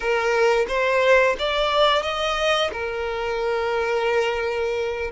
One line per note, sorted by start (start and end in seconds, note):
0.00 0.66 A#4
0.68 1.36 C5
1.38 2.02 D5
2.02 2.70 D#5
2.72 5.11 A#4